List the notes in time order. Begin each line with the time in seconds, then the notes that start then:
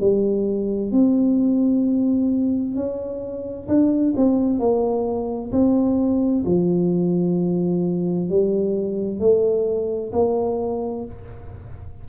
0.00 G3
0.91 C4
2.76 C#4
3.68 D4
4.17 C4
4.59 A#3
5.52 C4
6.45 F3
8.30 G3
9.20 A3
10.13 A#3